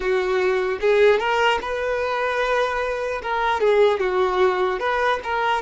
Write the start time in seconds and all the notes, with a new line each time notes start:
0.00 F#4
0.80 G#4
1.19 A#4
1.61 B4
3.22 A#4
3.60 G#4
3.99 F#4
4.79 B4
5.23 A#4